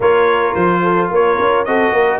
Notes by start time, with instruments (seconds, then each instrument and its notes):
0.00 tuba A#3, trombone F4, horn A#4, trumpet C#5
0.54 tuba F3, trumpet C5
0.82 horn A4
1.10 tuba A#3, horn A#4, trumpet C#5
1.38 tuba C#4
1.65 tuba C4, trombone F#4, horn A4, trumpet D#5
1.92 tuba A#3, horn A#4